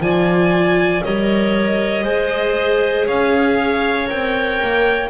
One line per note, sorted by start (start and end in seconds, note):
0.00 1.02 F3
0.00 1.03 F4
0.00 1.04 D5
0.00 1.04 G#5
1.04 2.04 G3
1.04 2.05 A#4
1.04 2.04 C#5
1.04 3.07 D#5
2.04 3.06 G#3
2.04 4.06 G#4
2.04 3.06 C5
3.06 4.10 C#4
3.06 5.09 C#5
3.06 4.09 F5
4.06 4.61 C4
4.06 5.08 A#4
4.06 5.10 G5
4.62 5.10 A#3